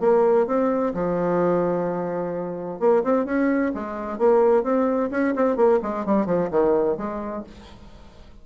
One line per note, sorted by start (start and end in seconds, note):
0.00 0.47 A#3
0.47 0.93 C4
0.94 2.79 F3
2.79 3.03 A#3
3.04 3.25 C4
3.25 3.72 C#4
3.74 4.18 G#3
4.18 4.63 A#3
4.63 5.10 C4
5.11 5.34 C#4
5.35 5.56 C4
5.56 5.79 A#3
5.82 6.05 G#3
6.05 6.26 G3
6.26 6.49 F3
6.51 6.97 D#3
6.97 7.44 G#3